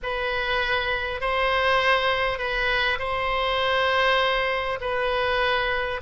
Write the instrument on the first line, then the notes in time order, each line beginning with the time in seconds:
oboe
0.02 B4
1.20 C5
2.38 B4
2.98 C5
4.81 B4